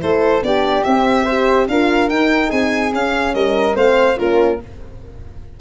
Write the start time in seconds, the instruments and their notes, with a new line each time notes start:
0.00 tuba A3, horn E4, flute A4, violin C5
0.43 tuba B3, horn D4, flute G4, violin D5
0.84 horn C4, tuba C4, violin E5
1.25 horn G4, flute C5
1.68 tuba D4, horn F4, flute A#4, violin F5
2.09 tuba D#4, horn D#4, violin G5
2.50 tuba C4, flute G#4, violin G#5
2.93 tuba C#4, horn C#4, violin F5
3.35 tuba G3, flute A#4, violin D#5
3.75 tuba A3, horn C4, flute C5, violin F5
4.17 tuba A#3, horn C#4, flute F4, violin A#4